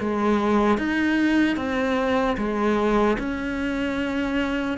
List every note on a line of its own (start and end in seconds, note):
0.00 0.78 G#3
0.78 1.57 D#4
1.57 2.37 C4
2.37 3.17 G#3
3.19 4.78 C#4